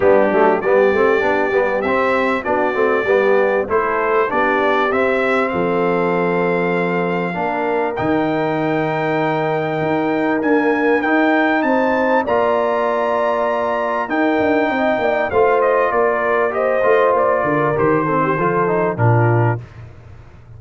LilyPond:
<<
  \new Staff \with { instrumentName = "trumpet" } { \time 4/4 \tempo 4 = 98 g'4 d''2 e''4 | d''2 c''4 d''4 | e''4 f''2.~ | f''4 g''2.~ |
g''4 gis''4 g''4 a''4 | ais''2. g''4~ | g''4 f''8 dis''8 d''4 dis''4 | d''4 c''2 ais'4 | }
  \new Staff \with { instrumentName = "horn" } { \time 4/4 d'4 g'2. | fis'4 g'4 a'4 g'4~ | g'4 a'2. | ais'1~ |
ais'2. c''4 | d''2. ais'4 | dis''8 d''8 c''4 ais'4 c''4~ | c''8 ais'4 a'16 g'16 a'4 f'4 | }
  \new Staff \with { instrumentName = "trombone" } { \time 4/4 b8 a8 b8 c'8 d'8 b8 c'4 | d'8 c'8 b4 e'4 d'4 | c'1 | d'4 dis'2.~ |
dis'4 ais4 dis'2 | f'2. dis'4~ | dis'4 f'2 g'8 f'8~ | f'4 g'8 c'8 f'8 dis'8 d'4 | }
  \new Staff \with { instrumentName = "tuba" } { \time 4/4 g8 fis8 g8 a8 b8 g8 c'4 | b8 a8 g4 a4 b4 | c'4 f2. | ais4 dis2. |
dis'4 d'4 dis'4 c'4 | ais2. dis'8 d'8 | c'8 ais8 a4 ais4. a8 | ais8 d8 dis4 f4 ais,4 | }
>>